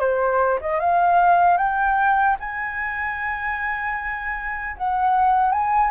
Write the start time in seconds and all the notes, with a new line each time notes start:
0.00 C5
0.61 D#5
0.80 F5
1.58 G5
2.40 G#5
4.77 F#5
5.52 G#5